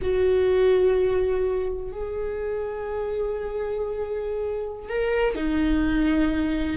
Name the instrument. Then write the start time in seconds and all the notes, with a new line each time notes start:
viola
0.01 F#4
1.92 G#4
4.89 A#4
5.35 D#4